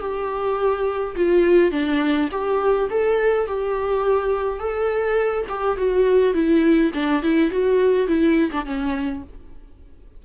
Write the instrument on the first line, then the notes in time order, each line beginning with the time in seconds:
viola
0.00 G4
1.16 F4
1.71 D4
2.31 G4
2.90 A4
3.47 G4
4.59 A4
5.49 G4
5.77 F#4
6.34 E4
6.94 D4
7.23 E4
7.51 F#4
8.07 E4
8.51 D4
8.65 C#4